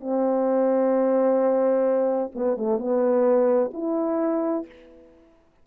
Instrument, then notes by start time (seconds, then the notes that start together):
horn
0.00 C4
2.35 B3
2.57 A3
2.79 B3
3.73 E4